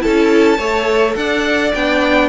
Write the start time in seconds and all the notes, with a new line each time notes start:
0.00 E4 A4 A5
0.07 C#4
0.58 A3 A4 C#5
1.16 D4 D5 F#5
1.75 B3 D4 G5